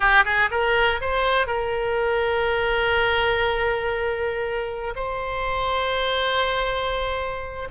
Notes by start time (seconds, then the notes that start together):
0.00 G4
0.24 G#4
0.50 A#4
1.00 C5
1.47 A#4
4.95 C5